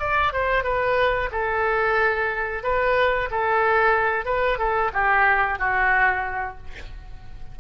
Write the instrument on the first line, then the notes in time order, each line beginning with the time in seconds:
oboe
0.00 D5
0.33 C5
0.64 B4
1.32 A4
2.64 B4
3.31 A4
4.26 B4
4.59 A4
4.94 G4
5.59 F#4